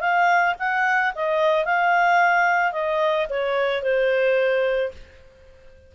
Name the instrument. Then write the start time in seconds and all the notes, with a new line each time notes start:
clarinet
0.00 F5
0.59 F#5
1.15 D#5
1.65 F5
2.72 D#5
3.29 C#5
3.82 C5